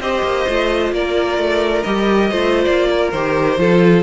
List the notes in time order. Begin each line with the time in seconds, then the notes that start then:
0.00 C4 G4 C5 D#5
0.23 A#3
0.47 A3 F4
0.93 A#3 A#4 D5
1.38 A3
1.84 G3 G4 D#5
2.31 A3 F4 C5
2.65 A#3 D5
2.90 A#4
3.12 D#3 G4 C5
3.58 F3 F4 A4